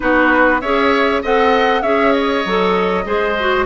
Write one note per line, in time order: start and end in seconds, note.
0.00 0.62 B3
0.00 0.60 D#4
0.00 0.61 F#4
0.00 0.60 B4
0.60 1.23 C#4
0.60 1.23 G#4
0.60 1.22 C#5
0.60 1.22 E5
1.22 1.82 C4
1.22 1.83 A4
1.22 1.82 D#5
1.22 1.82 F#5
1.82 2.43 C#4
1.82 2.44 G#4
1.82 3.04 C#5
1.82 2.12 E5
2.12 3.65 D#5
2.45 3.05 F#3
2.45 3.04 A4
3.04 3.65 G#3
3.04 3.35 G#4
3.04 3.65 C5
3.39 3.65 F#4